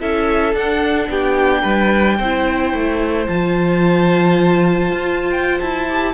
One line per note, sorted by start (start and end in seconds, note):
0.00 0.54 C#4
0.00 0.55 E4
0.00 1.09 A4
0.00 0.55 E5
0.54 1.08 D4
0.54 2.20 D4
0.54 1.10 F#5
1.09 1.64 B3
1.09 1.62 G4
1.09 3.28 G5
1.62 2.19 G3
1.62 2.17 B4
2.18 2.73 C4
2.18 3.29 E4
2.18 6.14 C5
2.73 3.27 A3
3.28 4.92 F3
3.28 5.88 F4
3.28 5.31 A5
4.92 5.60 F4
5.31 5.59 G5
5.60 6.14 E4
5.60 6.14 A5
5.89 6.14 G4